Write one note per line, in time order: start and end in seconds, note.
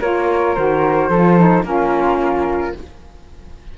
0.00 0.57 A#3
0.00 0.56 F4
0.00 1.10 A#4
0.00 0.55 C#5
0.55 1.10 D#3
0.55 1.11 F#4
0.55 1.65 C5
1.10 1.63 F3
1.10 1.39 F4
1.10 1.65 A4
1.39 1.64 D#4
1.63 2.74 A#3
1.63 2.75 C#4
1.63 2.78 F4
1.63 2.76 A#4